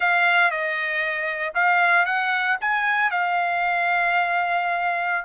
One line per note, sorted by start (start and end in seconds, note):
0.00 0.50 F5
0.50 1.53 D#5
1.54 2.05 F5
2.05 2.57 F#5
2.61 3.10 G#5
3.10 5.25 F5